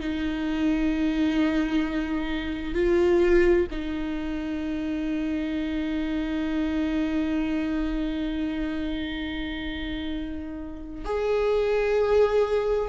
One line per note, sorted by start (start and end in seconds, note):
0.00 2.74 D#4
2.74 3.66 F4
3.70 11.05 D#4
11.05 12.89 G#4